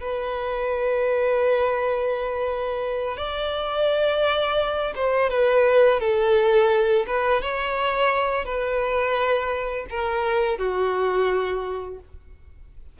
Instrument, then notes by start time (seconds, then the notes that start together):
violin
0.00 B4
3.17 D5
4.95 C5
5.29 B4
6.00 A4
7.06 B4
7.42 C#5
8.45 B4
9.90 A#4
10.58 F#4